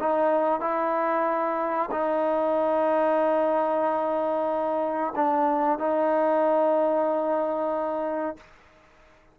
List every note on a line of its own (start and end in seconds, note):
0.00 0.61 D#4
0.61 1.90 E4
1.91 5.14 D#4
5.16 5.79 D4
5.79 8.37 D#4